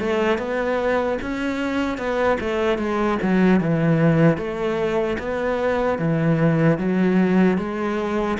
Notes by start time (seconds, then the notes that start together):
0.00 A3
0.39 B3
1.22 C#4
1.98 B3
2.40 A3
2.79 G#3
3.22 F#3
3.60 E3
4.38 A3
5.19 B3
5.99 E3
6.79 F#3
7.58 G#3